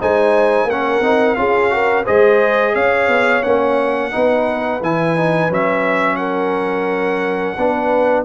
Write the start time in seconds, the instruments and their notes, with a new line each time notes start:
0.00 tuba G#3, trombone D#4, horn C5, trumpet G#5
0.65 tuba A#3, trumpet F#5
0.71 trombone C#4, horn A#4
1.01 tuba C4, trombone D#4
1.35 tuba C#4, trombone F4, horn G#4, trumpet F5
1.70 trombone F#4, horn A#4
2.04 tuba G#3, trombone G#4, horn C5, trumpet D#5
2.75 tuba C#4, horn C#5, trumpet F5
3.08 tuba B3
3.43 tuba A#3, trombone C#4, trumpet F#5
4.11 tuba B3, trombone D#4, horn B4
4.82 tuba E3, trombone E4, trumpet G#5
5.18 trombone D#4
5.50 tuba F#3, trombone C#4, trumpet E5
6.17 horn A#4, trumpet F#5
7.58 tuba B3, trombone D4, horn B4